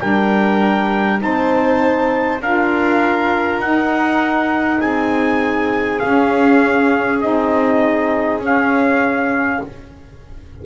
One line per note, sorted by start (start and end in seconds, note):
0.00 1.22 G3
0.00 1.19 D4
0.00 1.21 A#4
0.00 1.20 G5
1.19 2.42 C4
1.19 2.39 D#4
1.19 2.41 C5
1.19 2.42 A5
2.41 3.60 D4
2.41 3.64 F4
2.41 4.79 A#4
2.41 3.61 F5
3.60 4.80 D#4
3.60 6.02 D#4
3.60 4.81 F#5
4.79 6.01 C4
4.79 9.59 G#4
4.79 6.00 G#5
6.00 7.22 C#4
6.00 7.24 C#4
6.00 7.20 F5
7.21 8.40 C4
7.21 8.41 D#4
7.21 8.41 D#5
8.40 9.60 C#4
8.40 9.61 C#4
8.40 9.66 F5